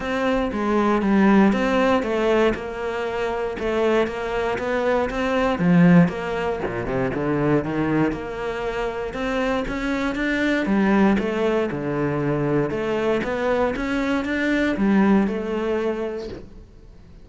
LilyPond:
\new Staff \with { instrumentName = "cello" } { \time 4/4 \tempo 4 = 118 c'4 gis4 g4 c'4 | a4 ais2 a4 | ais4 b4 c'4 f4 | ais4 ais,8 c8 d4 dis4 |
ais2 c'4 cis'4 | d'4 g4 a4 d4~ | d4 a4 b4 cis'4 | d'4 g4 a2 | }